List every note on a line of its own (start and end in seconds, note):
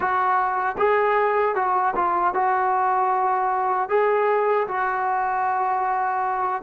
0.00 0.76 F#4
0.78 1.55 G#4
1.55 1.94 F#4
1.95 2.34 F4
2.34 3.89 F#4
3.89 4.67 G#4
4.67 6.62 F#4